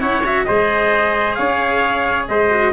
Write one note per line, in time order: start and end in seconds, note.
0.00 0.47 C#4
0.00 0.23 E4
0.00 0.46 C#5
0.00 0.23 F#5
0.24 0.46 F#4
0.24 0.44 E5
0.44 1.38 G#3
0.44 2.50 G#4
0.44 1.37 C5
0.44 1.34 D#5
1.34 2.29 C#4
1.34 2.28 C#5
1.34 2.25 F5
2.27 2.73 G#3
2.27 2.73 C5
2.27 2.73 D#5
2.50 2.73 F#4